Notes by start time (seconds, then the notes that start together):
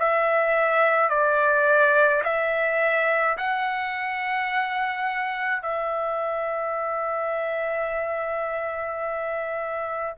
0.00 E5
1.10 D5
2.24 E5
3.38 F#5
5.63 E5